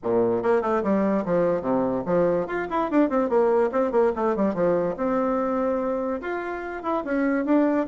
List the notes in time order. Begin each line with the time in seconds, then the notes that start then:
0.03 A#2
0.42 A#3
0.61 A3
0.83 G3
1.25 F3
1.61 C3
2.05 F3
2.46 F4
2.70 E4
2.90 D4
3.09 C4
3.29 A#3
3.72 C4
3.91 A#3
4.15 A3
4.36 G3
4.54 F3
4.96 C4
6.21 F4
6.82 E4
7.04 C#4
7.45 D4